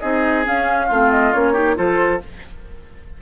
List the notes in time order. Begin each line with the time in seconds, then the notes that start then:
0.00 C4 D#4 G#4 D#5
0.44 C#4 F5
0.86 A3 C4 F4
1.11 D#5
1.32 A#3 C#4 C#5
1.52 D#4 G4
1.75 F3 F4 A4 C5